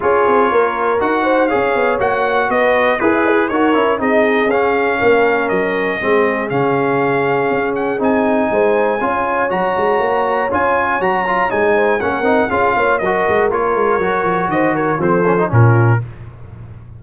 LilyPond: <<
  \new Staff \with { instrumentName = "trumpet" } { \time 4/4 \tempo 4 = 120 cis''2 fis''4 f''4 | fis''4 dis''4 b'4 cis''4 | dis''4 f''2 dis''4~ | dis''4 f''2~ f''8 fis''8 |
gis''2. ais''4~ | ais''4 gis''4 ais''4 gis''4 | fis''4 f''4 dis''4 cis''4~ | cis''4 dis''8 cis''8 c''4 ais'4 | }
  \new Staff \with { instrumentName = "horn" } { \time 4/4 gis'4 ais'4. c''8 cis''4~ | cis''4 b'4 ais'16 e''16 gis'8 ais'4 | gis'2 ais'2 | gis'1~ |
gis'4 c''4 cis''2~ | cis''2.~ cis''8 c''8 | ais'4 gis'8 cis''8 ais'2~ | ais'4 c''8 ais'8 a'4 f'4 | }
  \new Staff \with { instrumentName = "trombone" } { \time 4/4 f'2 fis'4 gis'4 | fis'2 gis'4 fis'8 e'8 | dis'4 cis'2. | c'4 cis'2. |
dis'2 f'4 fis'4~ | fis'4 f'4 fis'8 f'8 dis'4 | cis'8 dis'8 f'4 fis'4 f'4 | fis'2 c'8 cis'16 dis'16 cis'4 | }
  \new Staff \with { instrumentName = "tuba" } { \time 4/4 cis'8 c'8 ais4 dis'4 cis'8 b8 | ais4 b4 e'4 dis'8 cis'8 | c'4 cis'4 ais4 fis4 | gis4 cis2 cis'4 |
c'4 gis4 cis'4 fis8 gis8 | ais4 cis'4 fis4 gis4 | ais8 c'8 cis'8 ais8 fis8 gis8 ais8 gis8 | fis8 f8 dis4 f4 ais,4 | }
>>